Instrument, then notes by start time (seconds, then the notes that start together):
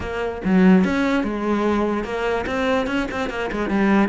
cello
0.00 A#3
0.44 F#3
0.84 C#4
1.23 G#3
2.04 A#3
2.46 C4
2.87 C#4
3.11 C4
3.29 A#3
3.51 G#3
3.69 G3